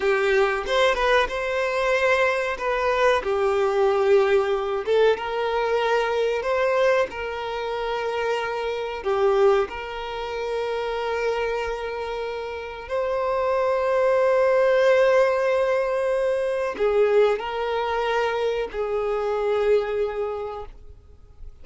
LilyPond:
\new Staff \with { instrumentName = "violin" } { \time 4/4 \tempo 4 = 93 g'4 c''8 b'8 c''2 | b'4 g'2~ g'8 a'8 | ais'2 c''4 ais'4~ | ais'2 g'4 ais'4~ |
ais'1 | c''1~ | c''2 gis'4 ais'4~ | ais'4 gis'2. | }